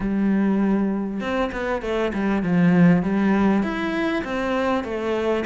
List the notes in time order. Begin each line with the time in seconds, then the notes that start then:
0.00 G3
1.20 C4
1.52 B3
1.82 A3
2.13 G3
2.42 F3
3.02 G3
3.62 E4
4.24 C4
4.83 A3